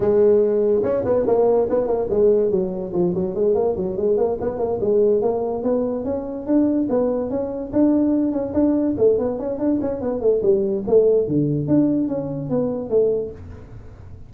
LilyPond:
\new Staff \with { instrumentName = "tuba" } { \time 4/4 \tempo 4 = 144 gis2 cis'8 b8 ais4 | b8 ais8 gis4 fis4 f8 fis8 | gis8 ais8 fis8 gis8 ais8 b8 ais8 gis8~ | gis8 ais4 b4 cis'4 d'8~ |
d'8 b4 cis'4 d'4. | cis'8 d'4 a8 b8 cis'8 d'8 cis'8 | b8 a8 g4 a4 d4 | d'4 cis'4 b4 a4 | }